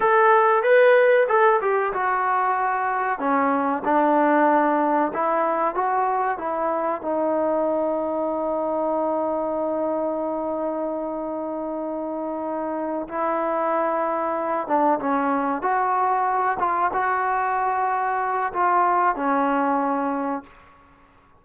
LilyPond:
\new Staff \with { instrumentName = "trombone" } { \time 4/4 \tempo 4 = 94 a'4 b'4 a'8 g'8 fis'4~ | fis'4 cis'4 d'2 | e'4 fis'4 e'4 dis'4~ | dis'1~ |
dis'1~ | dis'8 e'2~ e'8 d'8 cis'8~ | cis'8 fis'4. f'8 fis'4.~ | fis'4 f'4 cis'2 | }